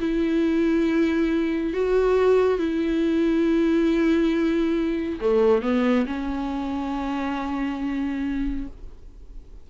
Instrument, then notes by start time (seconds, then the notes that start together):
viola
0.00 E4
1.73 F#4
2.58 E4
5.20 A3
5.62 B3
6.06 C#4